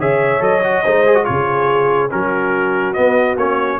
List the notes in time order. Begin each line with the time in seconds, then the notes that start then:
0.00 C#3 G#4 C#5 E5
0.40 F#3 A4 D#5
0.64 F#4
0.84 G#3 D#4 C5
1.07 G#4
1.15 F#4
1.25 C#3 F4 G#4 C#5
2.11 F#3 C#4 F#4 A#4
2.94 B3 D#5
3.37 A#3 C#4 C#5